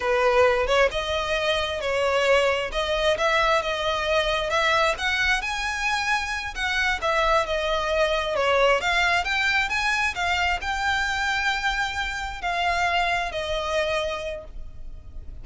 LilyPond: \new Staff \with { instrumentName = "violin" } { \time 4/4 \tempo 4 = 133 b'4. cis''8 dis''2 | cis''2 dis''4 e''4 | dis''2 e''4 fis''4 | gis''2~ gis''8 fis''4 e''8~ |
e''8 dis''2 cis''4 f''8~ | f''8 g''4 gis''4 f''4 g''8~ | g''2.~ g''8 f''8~ | f''4. dis''2~ dis''8 | }